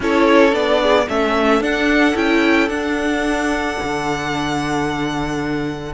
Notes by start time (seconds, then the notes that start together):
0.00 C#4 E4 A4 C#5
0.51 B3 D4 D5
0.81 G#4
1.07 A3 C#4 A4 E5
1.60 D4 F#5
2.15 C#4 E4 G5
2.68 D4 F#5
3.82 D3